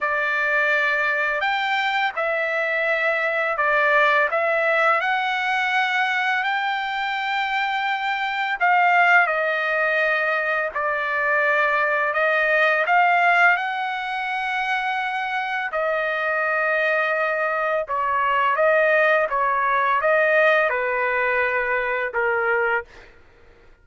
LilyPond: \new Staff \with { instrumentName = "trumpet" } { \time 4/4 \tempo 4 = 84 d''2 g''4 e''4~ | e''4 d''4 e''4 fis''4~ | fis''4 g''2. | f''4 dis''2 d''4~ |
d''4 dis''4 f''4 fis''4~ | fis''2 dis''2~ | dis''4 cis''4 dis''4 cis''4 | dis''4 b'2 ais'4 | }